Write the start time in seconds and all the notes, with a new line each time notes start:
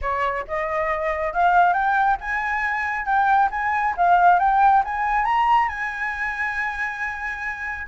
0.01 C#5
0.47 D#5
1.33 F5
1.73 G5
2.20 G#5
3.05 G5
3.50 G#5
3.96 F5
4.39 G5
4.84 G#5
5.25 A#5
5.68 G#5